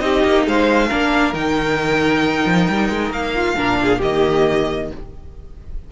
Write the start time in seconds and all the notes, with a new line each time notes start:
0.00 C4 D#4 G4 D#5
0.25 A#3
0.47 G#3 C5 F5
0.88 A#3 D4 A#4
1.34 D#3 D#4 G5
2.46 F3
2.69 G3
2.90 G#3
3.10 A#3 F5
3.35 F4
3.57 A#2 D4 A#4
3.83 G#4
3.99 D#3 A#3 G4 D#5